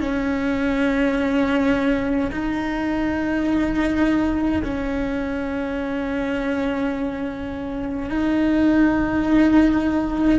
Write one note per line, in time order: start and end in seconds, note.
0.00 2.31 C#4
2.31 4.62 D#4
4.64 8.09 C#4
8.09 10.39 D#4